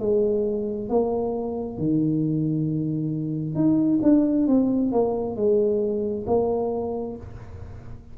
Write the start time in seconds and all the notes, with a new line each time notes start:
0.00 G#3
0.90 A#3
1.79 D#3
3.55 D#4
4.03 D4
4.47 C4
4.93 A#3
5.36 G#3
6.27 A#3